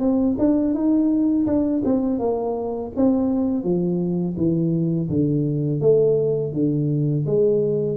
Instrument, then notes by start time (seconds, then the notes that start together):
tuba
0.00 C4
0.38 D4
0.74 D#4
1.47 D4
1.85 C4
2.19 A#3
2.96 C4
3.64 F3
4.37 E3
5.09 D3
5.81 A3
6.53 D3
7.26 G#3